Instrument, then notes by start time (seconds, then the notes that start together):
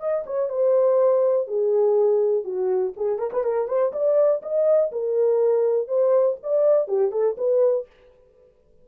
horn
0.00 D#5
0.26 C#5
0.49 C5
1.47 G#4
2.44 F#4
2.97 G#4
3.19 A#4
3.33 B4
3.44 A#4
3.68 C5
3.93 D5
4.42 D#5
4.92 A#4
5.88 C5
6.43 D5
6.88 G4
7.12 A4
7.37 B4